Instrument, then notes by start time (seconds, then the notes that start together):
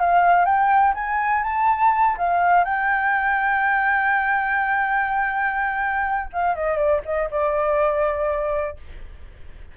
flute
0.00 F5
0.46 G5
0.95 G#5
1.44 A5
2.18 F5
2.65 G5
6.33 F5
6.56 D#5
6.77 D5
7.06 D#5
7.31 D5